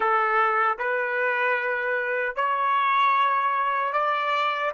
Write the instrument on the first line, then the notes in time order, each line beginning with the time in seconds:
trumpet
0.00 A4
0.78 B4
2.35 C#5
3.93 D5